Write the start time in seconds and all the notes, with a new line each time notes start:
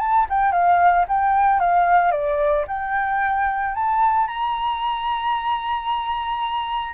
0.00 A5
0.30 G5
0.52 F5
1.09 G5
1.60 F5
2.12 D5
2.68 G5
3.75 A5
4.28 A#5